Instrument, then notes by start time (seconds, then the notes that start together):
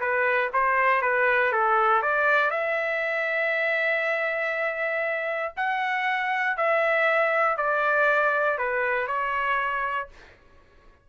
trumpet
0.00 B4
0.53 C5
1.02 B4
1.52 A4
2.02 D5
2.50 E5
5.56 F#5
6.57 E5
7.57 D5
8.58 B4
9.07 C#5